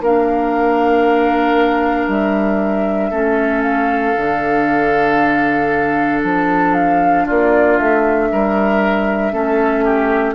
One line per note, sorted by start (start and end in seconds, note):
0.00 2.07 A#3
0.00 3.12 D4
0.00 3.10 A#4
0.00 2.08 F5
2.07 3.11 G3
2.07 3.62 E5
3.10 4.14 A3
3.10 4.15 C#4
3.10 7.24 A4
3.62 6.20 F5
4.16 6.23 D3
4.16 9.32 D4
6.23 7.26 F3
6.23 6.73 A5
6.73 7.25 F5
7.25 7.79 A#3
7.25 8.28 F4
7.25 7.78 D5
7.78 8.31 A3
7.78 10.34 E5
8.31 9.33 G3
8.31 9.33 A#4
9.32 10.34 A3
9.32 10.34 C#4
9.32 9.84 A4
9.84 10.34 G4